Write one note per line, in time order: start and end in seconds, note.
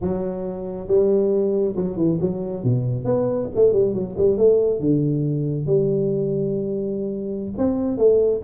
0.01 0.87 F#3
0.87 1.75 G3
1.76 1.96 F#3
1.96 2.18 E3
2.21 2.63 F#3
2.63 3.05 B2
3.05 3.48 B3
3.55 3.72 A3
3.72 3.93 G3
3.93 4.15 F#3
4.17 4.37 G3
4.37 4.80 A3
4.80 5.66 D3
5.66 7.52 G3
7.57 7.97 C4
7.97 8.41 A3